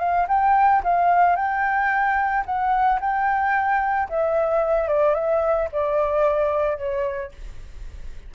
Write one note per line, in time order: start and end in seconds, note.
0.00 0.27 F5
0.29 0.83 G5
0.84 1.37 F5
1.37 2.45 G5
2.46 3.00 F#5
3.01 4.09 G5
4.10 4.89 E5
4.89 5.15 D5
5.15 5.69 E5
5.72 6.78 D5
6.78 7.32 C#5